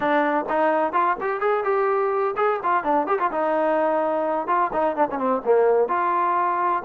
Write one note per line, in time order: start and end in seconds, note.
0.00 0.45 D4
0.49 0.92 D#4
0.92 1.16 F4
1.20 1.40 G4
1.40 1.63 G#4
1.64 2.35 G4
2.36 2.60 G#4
2.63 2.83 F4
2.83 3.07 D4
3.07 3.18 G4
3.19 3.30 F4
3.31 4.47 D#4
4.47 4.70 F4
4.72 4.96 D#4
4.96 5.08 D4
5.10 5.18 C#4
5.18 5.41 C4
5.45 5.88 A#3
5.88 6.82 F4